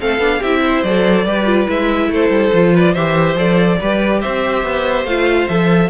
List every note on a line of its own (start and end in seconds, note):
0.00 0.19 A3
0.00 0.20 C4
0.00 0.40 A4
0.00 0.43 F5
0.19 0.40 B3
0.19 0.41 D4
0.40 0.84 C4
0.40 0.86 E4
0.40 0.61 G4
0.40 0.84 E5
0.65 1.25 C5
0.84 1.25 F#3
0.84 1.27 A4
0.84 1.68 D5
1.25 1.68 G3
1.25 1.46 G4
1.25 2.10 B4
1.46 1.67 F4
1.67 2.09 G#3
1.67 2.52 E4
1.67 2.13 E5
2.09 2.30 A3
2.09 2.74 A4
2.09 2.77 C5
2.30 2.51 G3
2.54 2.96 F3
2.54 2.96 F4
2.74 2.93 B4
2.74 2.95 D5
2.93 3.35 E3
2.93 3.36 G4
2.93 3.78 C5
2.93 3.37 E5
3.35 3.77 F3
3.35 3.79 A4
3.35 4.21 D5
3.81 4.24 G3
3.81 5.08 G4
3.81 4.21 B4
4.21 4.63 C4
4.21 5.90 C5
4.21 5.06 E5
4.63 5.05 B3
5.05 5.47 A3
5.05 5.50 F4
5.05 5.48 F5
5.48 5.90 F3
5.48 5.90 A4
5.48 5.90 E5